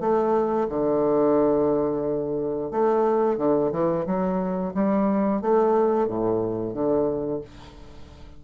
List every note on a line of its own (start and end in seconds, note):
0.00 0.67 A3
0.69 2.71 D3
2.71 3.38 A3
3.38 3.71 D3
3.72 4.05 E3
4.06 4.73 F#3
4.74 5.41 G3
5.41 6.08 A3
6.08 6.74 A2
6.74 7.41 D3